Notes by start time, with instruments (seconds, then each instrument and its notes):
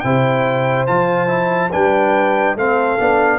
0.00 tuba C3, trombone E4, horn C5, trumpet G5
0.87 tuba F3, trombone F4, trumpet A5
1.28 trombone E4
1.71 tuba G3, trombone D4, horn B4, trumpet G5
2.55 tuba A3, trombone C4, horn A4, trumpet F5
2.99 tuba B3, trombone D4